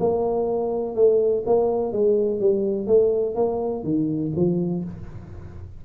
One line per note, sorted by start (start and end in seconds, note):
0.00 0.95 A#3
0.95 1.44 A3
1.46 1.93 A#3
1.93 2.40 G#3
2.40 2.87 G3
2.87 3.35 A3
3.35 3.84 A#3
3.84 4.32 D#3
4.36 4.84 F3